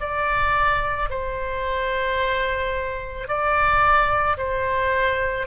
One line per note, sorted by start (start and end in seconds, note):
0.00 1.09 D5
1.10 3.28 C5
3.28 4.37 D5
4.38 5.47 C5